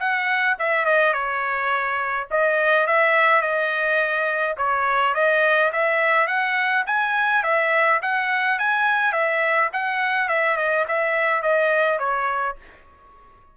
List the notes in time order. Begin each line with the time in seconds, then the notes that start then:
0.00 F#5
0.59 E5
0.85 D#5
1.14 C#5
2.31 D#5
2.87 E5
3.42 D#5
4.57 C#5
5.15 D#5
5.72 E5
6.28 F#5
6.86 G#5
7.43 E5
8.02 F#5
8.59 G#5
9.12 E5
9.73 F#5
10.29 E5
10.57 D#5
10.88 E5
11.42 D#5
11.99 C#5